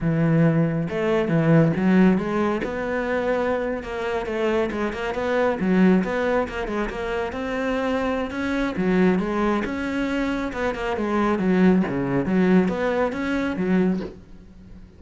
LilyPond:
\new Staff \with { instrumentName = "cello" } { \time 4/4 \tempo 4 = 137 e2 a4 e4 | fis4 gis4 b2~ | b8. ais4 a4 gis8 ais8 b16~ | b8. fis4 b4 ais8 gis8 ais16~ |
ais8. c'2~ c'16 cis'4 | fis4 gis4 cis'2 | b8 ais8 gis4 fis4 cis4 | fis4 b4 cis'4 fis4 | }